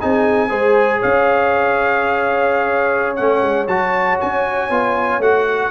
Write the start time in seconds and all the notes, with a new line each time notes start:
0.00 C4 D#4 G#4 G#5
0.49 G#3 G#4 C5
0.99 C#4 C#5 F5
3.16 A3 C#4 F#5
3.42 G#3
3.67 F#3 F#4 A5
4.20 C#4 G#5
4.70 B3 F4
5.19 A3 F#4 F#5